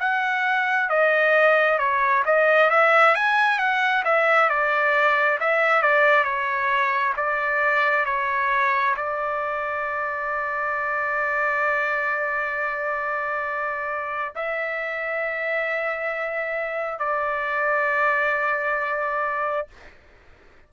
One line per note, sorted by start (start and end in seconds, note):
0.00 0.89 F#5
0.89 1.79 D#5
1.79 2.23 C#5
2.25 2.70 D#5
2.70 3.15 E5
3.15 3.59 G#5
3.59 4.03 F#5
4.04 4.49 E5
4.49 5.39 D5
5.40 5.82 E5
5.82 6.24 D5
6.24 7.13 C#5
7.16 8.05 D5
8.05 8.95 C#5
8.96 14.34 D5
14.35 16.99 E5
16.99 19.67 D5